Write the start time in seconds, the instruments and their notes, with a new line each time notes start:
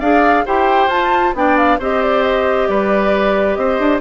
0.00 bassoon D4, clarinet G#4, oboe D5, flute F5
0.45 bassoon E4, clarinet G4, oboe C5, flute G5
0.87 bassoon F4, clarinet F4, flute A5
1.34 bassoon B3, clarinet D4, oboe D5, flute G5
1.57 flute F5
1.79 bassoon C4, clarinet G4, oboe C5, flute D#5
2.03 flute D5
2.22 flute D#5
2.67 bassoon G3, oboe B4, flute D5
3.55 bassoon C4, oboe C5, flute D#5
3.79 bassoon D4